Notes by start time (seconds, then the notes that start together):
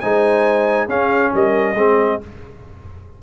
0.00 G#3 D#4 C5 G#5
0.88 C#4 G#4 F5
1.34 G3 A#4 D#5
1.74 G#3 C4 G#4